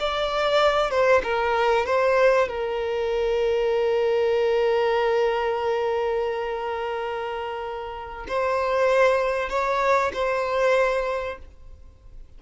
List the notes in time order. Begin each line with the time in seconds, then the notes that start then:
0.00 D5
0.91 C5
1.24 A#4
1.86 C5
2.48 A#4
8.28 C5
9.49 C#5
10.13 C5